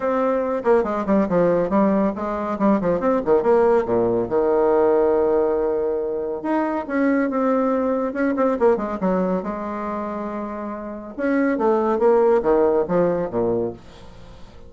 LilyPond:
\new Staff \with { instrumentName = "bassoon" } { \time 4/4 \tempo 4 = 140 c'4. ais8 gis8 g8 f4 | g4 gis4 g8 f8 c'8 dis8 | ais4 ais,4 dis2~ | dis2. dis'4 |
cis'4 c'2 cis'8 c'8 | ais8 gis8 fis4 gis2~ | gis2 cis'4 a4 | ais4 dis4 f4 ais,4 | }